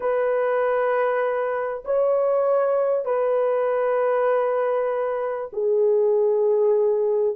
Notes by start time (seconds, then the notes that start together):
0.00 B4
1.84 C#5
3.05 B4
5.52 G#4